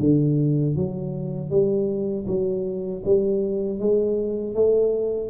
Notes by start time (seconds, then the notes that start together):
0.00 D3
0.76 F#3
1.51 G3
2.27 F#3
3.06 G3
3.80 G#3
4.55 A3